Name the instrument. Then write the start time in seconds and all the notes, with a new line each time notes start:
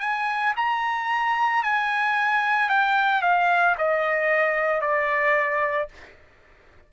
trumpet
0.00 G#5
0.56 A#5
1.63 G#5
2.69 G5
3.22 F5
3.77 D#5
4.81 D5